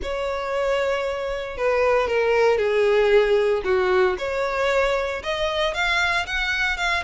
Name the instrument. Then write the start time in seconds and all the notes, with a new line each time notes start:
violin
0.02 C#5
1.57 B4
2.07 A#4
2.58 G#4
3.64 F#4
4.18 C#5
5.23 D#5
5.73 F5
6.26 F#5
6.77 F5